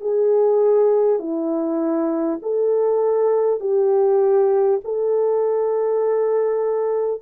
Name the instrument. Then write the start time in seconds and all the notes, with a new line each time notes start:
horn
0.00 G#4
1.18 E4
2.42 A4
3.60 G4
4.84 A4